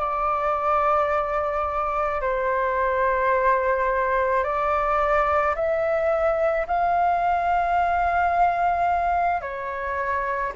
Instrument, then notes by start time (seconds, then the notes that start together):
flute
0.00 D5
2.22 C5
4.44 D5
5.56 E5
6.68 F5
9.42 C#5